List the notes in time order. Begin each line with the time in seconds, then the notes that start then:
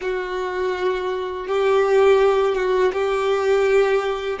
0.01 F#4
1.47 G4
2.55 F#4
2.93 G4